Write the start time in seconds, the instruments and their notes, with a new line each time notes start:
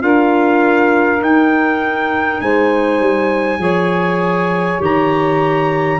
0.00 tuba D4, clarinet F4, saxophone A#4, trumpet F5
1.19 clarinet D#4, tuba D#4, trumpet G5
2.40 tuba G#3, saxophone C5, trumpet G#5
3.00 tuba G3
3.58 tuba F3, clarinet G#4, saxophone C#5
4.79 tuba D#3, clarinet G4, trumpet A#5